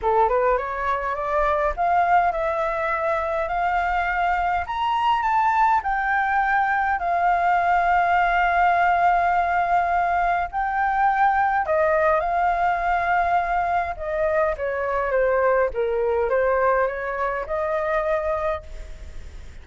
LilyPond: \new Staff \with { instrumentName = "flute" } { \time 4/4 \tempo 4 = 103 a'8 b'8 cis''4 d''4 f''4 | e''2 f''2 | ais''4 a''4 g''2 | f''1~ |
f''2 g''2 | dis''4 f''2. | dis''4 cis''4 c''4 ais'4 | c''4 cis''4 dis''2 | }